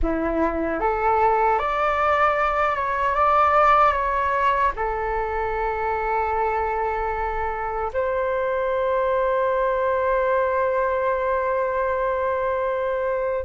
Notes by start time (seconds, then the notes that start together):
0.02 E4
0.80 A4
1.58 D5
2.75 C#5
3.15 D5
3.92 C#5
4.75 A4
7.93 C5